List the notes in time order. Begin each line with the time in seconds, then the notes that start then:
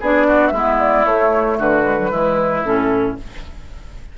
0.00 B3 D4 G#4 D5
0.27 F#4
0.47 G#3 E4 E5
0.54 B3
0.79 D5
1.05 A3 C#5
1.58 D3 F#4 B4
1.83 G#3
1.98 F#3
2.10 E3 G#3 E4
2.63 A2 C#4 A4